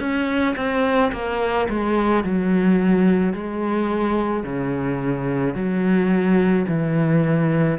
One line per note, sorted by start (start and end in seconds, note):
0.00 0.56 C#4
0.57 1.12 C4
1.12 1.68 A#3
1.70 2.24 G#3
2.24 3.34 F#3
3.34 4.44 G#3
4.44 5.55 C#3
5.55 6.66 F#3
6.69 7.79 E3